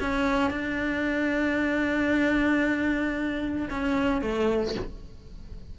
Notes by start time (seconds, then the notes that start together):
0.00 C#4
0.50 D4
3.70 C#4
4.21 A3